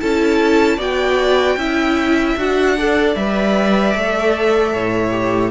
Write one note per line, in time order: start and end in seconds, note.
0.00 0.78 C#4
0.00 0.79 E4
0.00 0.77 A4
0.00 0.79 A5
0.77 1.56 B3
0.77 1.58 F#4
0.77 1.56 D5
0.77 2.39 G5
1.56 2.35 C#4
1.56 2.37 E4
1.56 2.77 E5
2.37 3.15 D4
2.37 2.77 F#4
2.37 3.15 F#5
2.78 3.17 A4
2.78 4.73 D5
3.15 3.94 G3
3.15 3.94 B4
3.15 5.51 E5
3.94 4.74 A3
3.94 5.11 A4
4.73 5.51 A2
4.73 5.51 C#5
5.11 5.51 G4